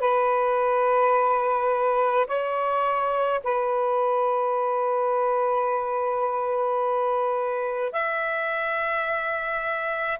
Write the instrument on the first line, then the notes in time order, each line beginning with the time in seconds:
saxophone
0.00 B4
2.27 C#5
3.44 B4
7.92 E5